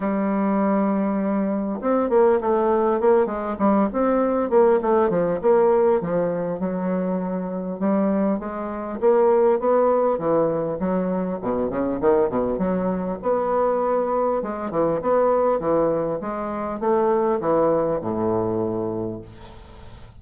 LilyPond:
\new Staff \with { instrumentName = "bassoon" } { \time 4/4 \tempo 4 = 100 g2. c'8 ais8 | a4 ais8 gis8 g8 c'4 ais8 | a8 f8 ais4 f4 fis4~ | fis4 g4 gis4 ais4 |
b4 e4 fis4 b,8 cis8 | dis8 b,8 fis4 b2 | gis8 e8 b4 e4 gis4 | a4 e4 a,2 | }